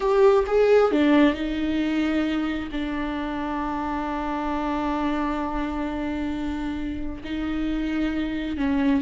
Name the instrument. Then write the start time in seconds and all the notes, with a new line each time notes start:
viola
0.00 G4
0.46 G#4
0.91 D4
1.34 D#4
2.71 D4
7.24 D#4
8.57 C#4